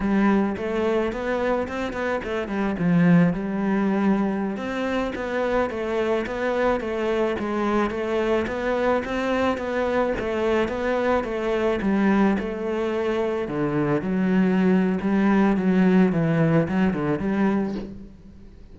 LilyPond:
\new Staff \with { instrumentName = "cello" } { \time 4/4 \tempo 4 = 108 g4 a4 b4 c'8 b8 | a8 g8 f4 g2~ | g16 c'4 b4 a4 b8.~ | b16 a4 gis4 a4 b8.~ |
b16 c'4 b4 a4 b8.~ | b16 a4 g4 a4.~ a16~ | a16 d4 fis4.~ fis16 g4 | fis4 e4 fis8 d8 g4 | }